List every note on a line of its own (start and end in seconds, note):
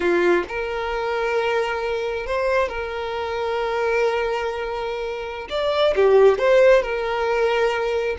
0.00 0.44 F4
0.48 2.26 A#4
2.26 2.68 C5
2.68 5.48 A#4
5.49 5.94 D5
5.95 6.38 G4
6.38 6.82 C5
6.82 8.16 A#4